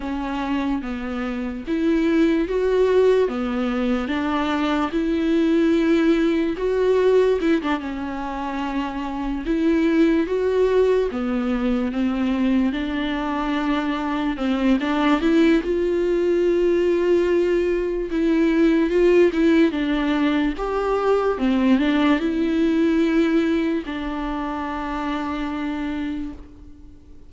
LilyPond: \new Staff \with { instrumentName = "viola" } { \time 4/4 \tempo 4 = 73 cis'4 b4 e'4 fis'4 | b4 d'4 e'2 | fis'4 e'16 d'16 cis'2 e'8~ | e'8 fis'4 b4 c'4 d'8~ |
d'4. c'8 d'8 e'8 f'4~ | f'2 e'4 f'8 e'8 | d'4 g'4 c'8 d'8 e'4~ | e'4 d'2. | }